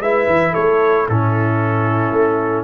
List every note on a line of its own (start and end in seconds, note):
0.00 0.27 G#3
0.00 1.09 E4
0.00 0.52 B4
0.00 0.54 E5
0.27 0.54 E3
0.52 1.08 A3
0.52 1.05 A4
0.52 1.07 C#5
1.08 2.11 A2
1.08 2.64 C#4
1.08 2.64 E4
1.08 2.64 A4
2.11 2.64 A3